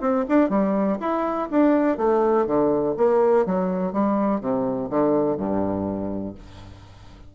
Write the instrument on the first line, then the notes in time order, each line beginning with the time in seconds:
bassoon
0.00 C4
0.28 D4
0.49 G3
1.00 E4
1.50 D4
1.97 A3
2.46 D3
2.97 A#3
3.45 F#3
3.92 G3
4.40 C3
4.89 D3
5.37 G2